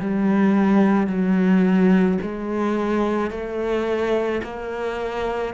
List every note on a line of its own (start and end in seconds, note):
0.00 1.07 G3
1.07 2.18 F#3
2.22 3.30 G#3
3.30 4.41 A3
4.43 5.54 A#3